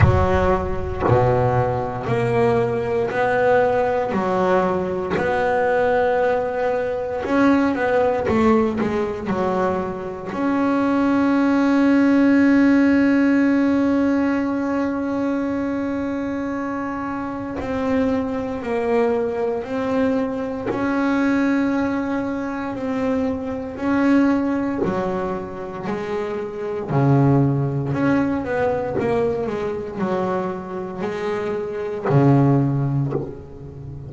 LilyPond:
\new Staff \with { instrumentName = "double bass" } { \time 4/4 \tempo 4 = 58 fis4 b,4 ais4 b4 | fis4 b2 cis'8 b8 | a8 gis8 fis4 cis'2~ | cis'1~ |
cis'4 c'4 ais4 c'4 | cis'2 c'4 cis'4 | fis4 gis4 cis4 cis'8 b8 | ais8 gis8 fis4 gis4 cis4 | }